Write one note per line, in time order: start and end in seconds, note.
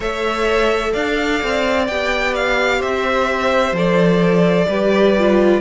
0.00 0.93 A3
0.00 1.88 A4
0.00 0.92 C#5
0.00 0.93 E5
0.92 1.42 D4
0.92 2.78 D5
0.92 1.87 F5
1.43 1.88 C4
1.87 2.82 B3
1.87 3.74 G4
1.87 2.34 G5
2.35 2.81 F5
2.78 3.72 C4
2.78 4.66 C5
2.78 3.75 E5
3.72 4.65 F3
3.72 4.68 A4
3.72 5.60 D5
4.68 5.60 G3
4.68 5.16 G4
4.68 5.60 B4
5.18 5.60 F4